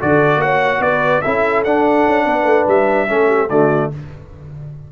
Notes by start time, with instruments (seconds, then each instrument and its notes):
0.00 tuba D3, trombone F#4, horn A4, trumpet D5
0.37 tuba A#3, horn C#5, trumpet F#5
0.80 tuba B3, horn B4, trumpet D5
1.22 tuba C#4, trombone E4, horn A4, trumpet E5
1.64 tuba D4, trombone D4, trumpet F#5
2.07 tuba C#4
2.26 tuba B3, horn B4
2.44 tuba A3
2.68 tuba G3, trumpet E5
3.08 tuba A3, trombone C#4, horn A4
3.28 horn G4
3.50 tuba D3, trombone A3, horn F#4, trumpet D5